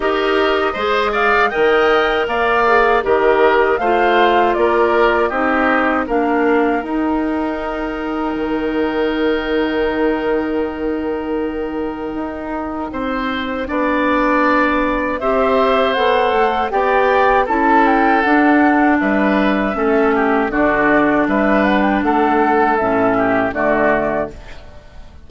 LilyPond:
<<
  \new Staff \with { instrumentName = "flute" } { \time 4/4 \tempo 4 = 79 dis''4. f''8 g''4 f''4 | dis''4 f''4 d''4 dis''4 | f''4 g''2.~ | g''1~ |
g''1 | e''4 fis''4 g''4 a''8 g''8 | fis''4 e''2 d''4 | e''8 fis''16 g''16 fis''4 e''4 d''4 | }
  \new Staff \with { instrumentName = "oboe" } { \time 4/4 ais'4 c''8 d''8 dis''4 d''4 | ais'4 c''4 ais'4 g'4 | ais'1~ | ais'1~ |
ais'4 c''4 d''2 | c''2 d''4 a'4~ | a'4 b'4 a'8 g'8 fis'4 | b'4 a'4. g'8 fis'4 | }
  \new Staff \with { instrumentName = "clarinet" } { \time 4/4 g'4 gis'4 ais'4. gis'8 | g'4 f'2 dis'4 | d'4 dis'2.~ | dis'1~ |
dis'2 d'2 | g'4 a'4 g'4 e'4 | d'2 cis'4 d'4~ | d'2 cis'4 a4 | }
  \new Staff \with { instrumentName = "bassoon" } { \time 4/4 dis'4 gis4 dis4 ais4 | dis4 a4 ais4 c'4 | ais4 dis'2 dis4~ | dis1 |
dis'4 c'4 b2 | c'4 b8 a8 b4 cis'4 | d'4 g4 a4 d4 | g4 a4 a,4 d4 | }
>>